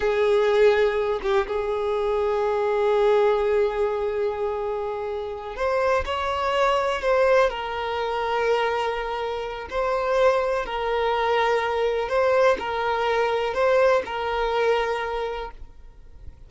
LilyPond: \new Staff \with { instrumentName = "violin" } { \time 4/4 \tempo 4 = 124 gis'2~ gis'8 g'8 gis'4~ | gis'1~ | gis'2.~ gis'8 c''8~ | c''8 cis''2 c''4 ais'8~ |
ais'1 | c''2 ais'2~ | ais'4 c''4 ais'2 | c''4 ais'2. | }